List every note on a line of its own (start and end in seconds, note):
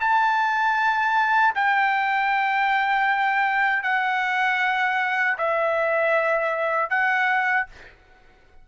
0.00 1.54 A5
1.55 3.83 G5
3.83 5.37 F#5
5.38 6.90 E5
6.90 7.66 F#5